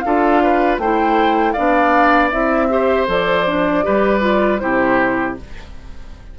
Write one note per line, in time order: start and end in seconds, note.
0.00 0.78 D4
0.00 0.80 F4
0.00 0.43 A4
0.00 0.76 F5
0.43 0.81 B4
0.78 1.54 A3
0.78 1.56 E4
0.78 1.53 C5
0.78 1.52 G5
1.52 2.32 B3
1.52 2.31 D4
1.52 2.67 D5
1.52 2.28 F5
2.30 3.07 C4
2.30 2.69 E4
2.30 3.06 E5
2.69 3.07 G4
2.69 3.85 C5
3.07 3.83 F3
3.07 3.45 A4
3.07 4.58 D5
3.47 3.83 D4
3.83 4.62 G3
3.83 4.20 G4
3.83 4.61 B4
4.20 4.58 F4
4.58 5.38 C3
4.58 5.36 E4
4.58 5.38 G4
4.58 5.34 C5